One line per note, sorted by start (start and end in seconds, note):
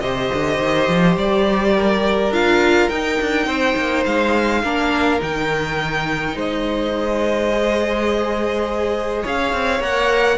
0.00 0.29 C3
0.00 2.32 G4
0.00 1.75 C5
0.00 1.15 D#5
0.33 0.59 D3
0.59 0.88 D#3
0.88 1.16 F3
1.16 2.30 G3
1.16 2.33 D5
1.75 3.47 A#4
2.30 2.88 D4
2.30 2.90 F4
2.30 2.89 F5
2.89 4.63 D#4
2.89 3.19 D#4
2.89 4.04 G5
3.20 3.46 D4
3.46 3.75 C4
3.46 4.62 C5
3.76 4.05 A#3
4.05 4.63 G#3
4.05 5.21 F5
4.63 5.21 A#3
4.63 5.19 D4
4.63 6.35 A#4
5.19 6.35 D#3
5.19 7.50 D#4
5.19 6.38 G5
6.35 9.24 G#3
6.35 9.22 C5
6.35 9.27 D#5
7.52 9.81 G#4
9.22 9.53 C#4
9.22 10.38 C#5
9.22 9.82 F5
9.53 9.80 C4
9.80 10.38 A#3
9.80 10.38 A#4
9.80 10.38 F#5